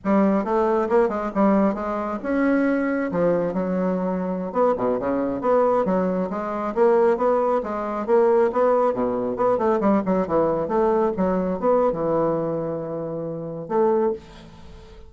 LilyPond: \new Staff \with { instrumentName = "bassoon" } { \time 4/4 \tempo 4 = 136 g4 a4 ais8 gis8 g4 | gis4 cis'2 f4 | fis2~ fis16 b8 b,8 cis8.~ | cis16 b4 fis4 gis4 ais8.~ |
ais16 b4 gis4 ais4 b8.~ | b16 b,4 b8 a8 g8 fis8 e8.~ | e16 a4 fis4 b8. e4~ | e2. a4 | }